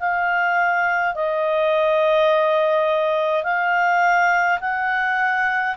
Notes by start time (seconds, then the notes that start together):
0.00 F5
1.15 D#5
3.44 F5
4.60 F#5